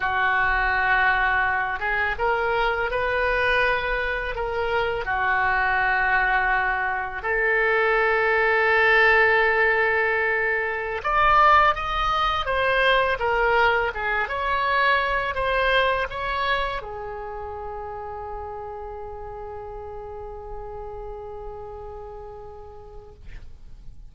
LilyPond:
\new Staff \with { instrumentName = "oboe" } { \time 4/4 \tempo 4 = 83 fis'2~ fis'8 gis'8 ais'4 | b'2 ais'4 fis'4~ | fis'2 a'2~ | a'2.~ a'16 d''8.~ |
d''16 dis''4 c''4 ais'4 gis'8 cis''16~ | cis''4~ cis''16 c''4 cis''4 gis'8.~ | gis'1~ | gis'1 | }